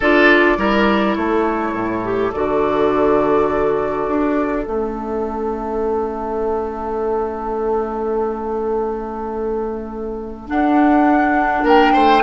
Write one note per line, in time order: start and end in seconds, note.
0.00 0.57 D4
0.00 0.57 F4
0.00 0.57 A4
0.00 1.15 D5
0.57 1.15 G3
0.57 2.03 E4
0.57 1.17 A#4
1.15 1.73 A3
1.15 11.64 A4
1.15 2.32 C#5
1.73 2.31 A2
2.04 2.33 G4
2.32 4.07 D3
2.32 4.66 F#4
2.32 4.65 D5
4.07 4.66 D4
4.65 10.49 A3
4.65 10.47 C#4
4.65 10.47 E5
10.47 12.22 D4
10.47 11.63 D4
10.47 11.65 F#5
11.63 11.92 A#3
11.63 11.93 A#4
11.63 12.22 G5
11.93 12.22 A3
11.93 12.22 C5